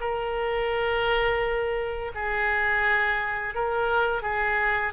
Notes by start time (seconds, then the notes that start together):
0.00 A#4
2.15 G#4
3.54 A#4
4.22 G#4